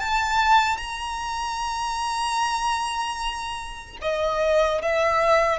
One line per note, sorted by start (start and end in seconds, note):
0.00 0.77 A5
0.77 3.97 A#5
4.02 4.82 D#5
4.82 5.60 E5